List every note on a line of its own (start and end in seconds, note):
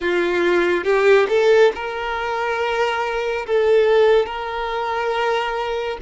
0.00 0.84 F4
0.84 1.27 G4
1.29 1.71 A4
1.74 3.46 A#4
3.46 4.26 A4
4.26 5.97 A#4